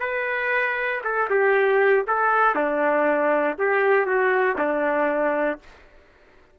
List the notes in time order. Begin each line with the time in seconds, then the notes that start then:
0.00 B4
1.04 A4
1.30 G4
2.07 A4
2.55 D4
3.58 G4
4.06 F#4
4.58 D4